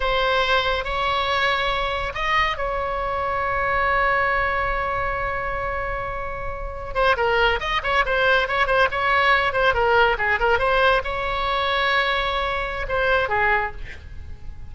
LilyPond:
\new Staff \with { instrumentName = "oboe" } { \time 4/4 \tempo 4 = 140 c''2 cis''2~ | cis''4 dis''4 cis''2~ | cis''1~ | cis''1~ |
cis''16 c''8 ais'4 dis''8 cis''8 c''4 cis''16~ | cis''16 c''8 cis''4. c''8 ais'4 gis'16~ | gis'16 ais'8 c''4 cis''2~ cis''16~ | cis''2 c''4 gis'4 | }